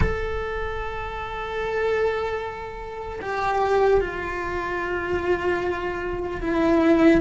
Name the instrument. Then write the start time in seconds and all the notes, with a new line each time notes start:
cello
0.00 A4
3.21 G4
4.00 F4
6.41 E4